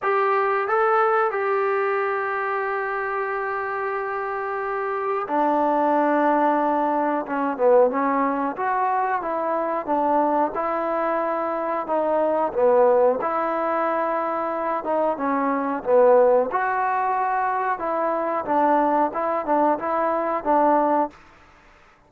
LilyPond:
\new Staff \with { instrumentName = "trombone" } { \time 4/4 \tempo 4 = 91 g'4 a'4 g'2~ | g'1 | d'2. cis'8 b8 | cis'4 fis'4 e'4 d'4 |
e'2 dis'4 b4 | e'2~ e'8 dis'8 cis'4 | b4 fis'2 e'4 | d'4 e'8 d'8 e'4 d'4 | }